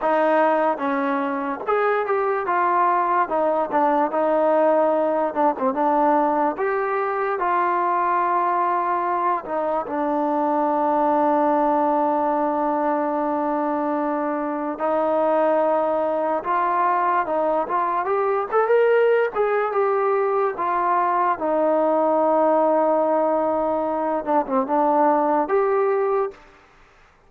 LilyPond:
\new Staff \with { instrumentName = "trombone" } { \time 4/4 \tempo 4 = 73 dis'4 cis'4 gis'8 g'8 f'4 | dis'8 d'8 dis'4. d'16 c'16 d'4 | g'4 f'2~ f'8 dis'8 | d'1~ |
d'2 dis'2 | f'4 dis'8 f'8 g'8 a'16 ais'8. gis'8 | g'4 f'4 dis'2~ | dis'4. d'16 c'16 d'4 g'4 | }